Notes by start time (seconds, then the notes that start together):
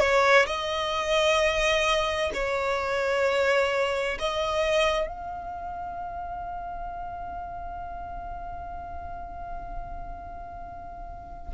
0.00 C#5
0.47 D#5
2.34 C#5
4.19 D#5
5.07 F5